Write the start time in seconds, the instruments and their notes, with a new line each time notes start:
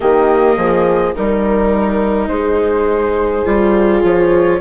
0.00 bassoon D#3, viola A#3, horn G4, flute D#5
0.56 bassoon F3, horn G#4
1.15 bassoon G3, viola D#4, flute A#4, horn A#4
2.27 bassoon G#3, horn G#4, flute C5
3.44 bassoon G3, viola F4
4.03 bassoon F3, flute C#5